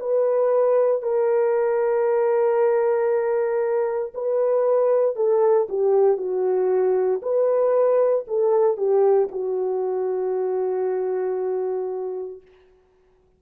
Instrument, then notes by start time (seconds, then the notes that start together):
horn
0.00 B4
1.03 A#4
4.14 B4
5.16 A4
5.69 G4
6.18 F#4
7.22 B4
8.28 A4
8.77 G4
9.32 F#4